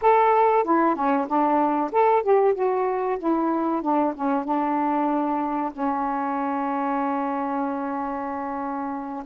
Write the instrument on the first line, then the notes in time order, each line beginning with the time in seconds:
saxophone
0.01 A4
0.64 E4
0.95 C#4
1.27 D4
1.91 A4
2.22 G4
2.54 F#4
3.19 E4
3.82 D4
4.15 C#4
4.44 D4
5.72 C#4